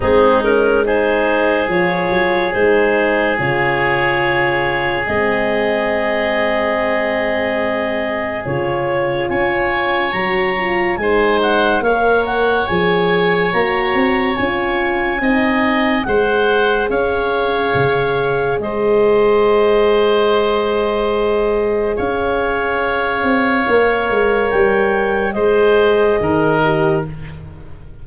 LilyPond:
<<
  \new Staff \with { instrumentName = "clarinet" } { \time 4/4 \tempo 4 = 71 gis'8 ais'8 c''4 cis''4 c''4 | cis''2 dis''2~ | dis''2 cis''4 gis''4 | ais''4 gis''8 fis''8 f''8 fis''8 gis''4 |
ais''4 gis''2 fis''4 | f''2 dis''2~ | dis''2 f''2~ | f''4 g''4 dis''2 | }
  \new Staff \with { instrumentName = "oboe" } { \time 4/4 dis'4 gis'2.~ | gis'1~ | gis'2. cis''4~ | cis''4 c''4 cis''2~ |
cis''2 dis''4 c''4 | cis''2 c''2~ | c''2 cis''2~ | cis''2 c''4 ais'4 | }
  \new Staff \with { instrumentName = "horn" } { \time 4/4 c'8 cis'8 dis'4 f'4 dis'4 | f'2 c'2~ | c'2 f'2 | fis'8 f'8 dis'4 ais'4 gis'4 |
fis'4 f'4 dis'4 gis'4~ | gis'1~ | gis'1 | ais'2 gis'4. g'8 | }
  \new Staff \with { instrumentName = "tuba" } { \time 4/4 gis2 f8 fis8 gis4 | cis2 gis2~ | gis2 cis4 cis'4 | fis4 gis4 ais4 f4 |
ais8 c'8 cis'4 c'4 gis4 | cis'4 cis4 gis2~ | gis2 cis'4. c'8 | ais8 gis8 g4 gis4 dis4 | }
>>